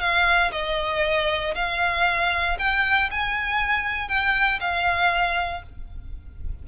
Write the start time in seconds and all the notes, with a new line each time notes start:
0.00 F5
0.52 D#5
1.55 F5
2.59 G5
3.11 G#5
4.08 G5
4.60 F5